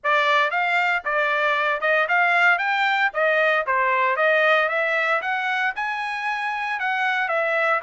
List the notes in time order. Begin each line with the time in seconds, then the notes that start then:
0.03 D5
0.50 F5
1.04 D5
1.80 D#5
2.08 F5
2.58 G5
3.13 D#5
3.66 C5
4.16 D#5
4.69 E5
5.21 F#5
5.75 G#5
6.79 F#5
7.28 E5